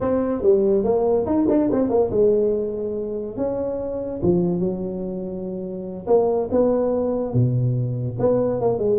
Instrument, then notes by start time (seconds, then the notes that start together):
tuba
0.00 C4
0.42 G3
0.84 A#3
1.26 D#4
1.49 D4
1.72 C4
1.89 A#3
2.11 G#3
3.37 C#4
4.22 F3
4.59 F#3
6.06 A#3
6.51 B3
7.33 B2
8.19 B3
8.60 A#3
8.79 G#3